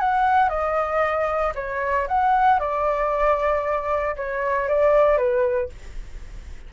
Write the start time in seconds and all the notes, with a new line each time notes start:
0.00 F#5
0.49 D#5
1.55 C#5
2.08 F#5
2.59 D5
4.16 C#5
4.69 D5
5.18 B4